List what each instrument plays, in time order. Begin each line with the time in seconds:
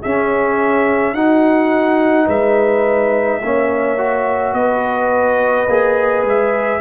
0.00 tuba C#4, trombone C#4, horn G#4, trumpet E5
1.12 tuba D#4, trombone D#4, horn F#4, trumpet F#5
2.26 tuba G#3, horn B4, trumpet E5
3.42 tuba A#3, trombone C#4, horn C#5
3.97 trombone F#4
4.53 tuba B3, horn B4, trumpet D#5
5.67 tuba A#3, trombone G#4
6.23 tuba G#3, trumpet E5